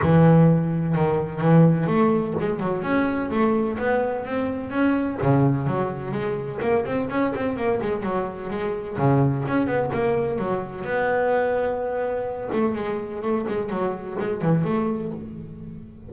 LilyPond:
\new Staff \with { instrumentName = "double bass" } { \time 4/4 \tempo 4 = 127 e2 dis4 e4 | a4 gis8 fis8 cis'4 a4 | b4 c'4 cis'4 cis4 | fis4 gis4 ais8 c'8 cis'8 c'8 |
ais8 gis8 fis4 gis4 cis4 | cis'8 b8 ais4 fis4 b4~ | b2~ b8 a8 gis4 | a8 gis8 fis4 gis8 e8 a4 | }